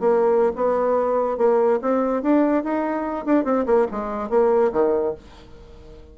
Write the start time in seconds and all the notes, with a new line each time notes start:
0.00 A#3
0.56 B3
1.38 A#3
1.82 C4
2.23 D4
2.64 D#4
3.26 D4
3.44 C4
3.66 A#3
3.91 G#3
4.30 A#3
4.73 D#3